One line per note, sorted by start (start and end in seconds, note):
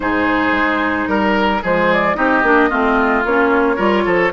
0.00 0.51 G#2
0.00 1.59 D#4
0.00 1.09 G#4
0.00 1.08 C5
0.51 1.05 G#3
1.07 1.61 G3
1.07 1.62 A#4
1.62 2.16 F3
1.62 2.15 G#3
1.62 2.16 G#4
1.62 1.92 C5
1.92 2.15 D5
2.15 2.43 C4
2.15 2.42 D#4
2.15 2.69 G4
2.15 3.23 D#5
2.43 2.70 A#3
2.43 2.70 D4
2.69 3.24 A3
2.69 3.24 C4
2.69 3.76 F4
3.24 3.78 A#3
3.24 3.77 C#4
3.24 4.32 C#5
3.76 4.05 G3
3.76 4.31 F4
3.76 4.03 A#4
4.05 4.32 F3
4.05 4.32 A4